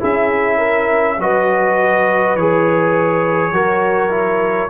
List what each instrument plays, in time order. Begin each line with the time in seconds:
0.00 tuba C#4, trombone E4, horn G#4, trumpet E5
0.58 horn A#4
1.19 tuba F#3, trombone F#4, horn B4, trumpet D#5
2.36 tuba E3, trombone G#4, trumpet C#5
3.52 tuba F#3, trombone F#4, horn A#4
4.10 trombone E4